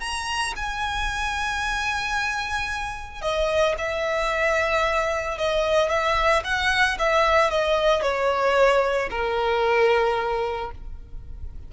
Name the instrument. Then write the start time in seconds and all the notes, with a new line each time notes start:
violin
0.00 A#5
0.56 G#5
3.22 D#5
3.78 E5
5.38 D#5
5.90 E5
6.44 F#5
6.99 E5
7.50 D#5
8.02 C#5
9.10 A#4